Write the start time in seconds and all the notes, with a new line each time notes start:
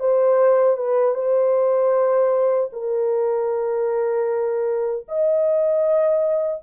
0.00 C5
0.77 B4
1.15 C5
2.73 A#4
5.08 D#5